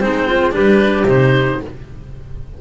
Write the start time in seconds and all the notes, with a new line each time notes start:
0.00 G#3 C4 D#4 C5
0.27 F4
0.51 G3 D4 G4 B4
1.03 C3 D#4 C5